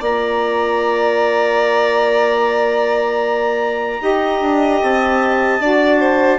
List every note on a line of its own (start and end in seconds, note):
0.00 4.00 A#3
0.00 3.99 F4
0.00 4.00 D5
0.00 4.83 A#5
3.99 4.41 D#4
3.99 5.59 G4
3.99 5.61 D#5
4.41 4.81 D4
4.82 5.60 C4
4.82 6.39 A5
5.60 6.39 D4
5.60 6.39 F#4
5.60 6.00 D5
6.00 6.39 C5